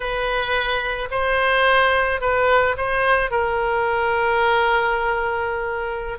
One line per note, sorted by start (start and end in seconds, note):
0.00 1.09 B4
1.10 2.20 C5
2.20 2.75 B4
2.77 3.30 C5
3.30 6.18 A#4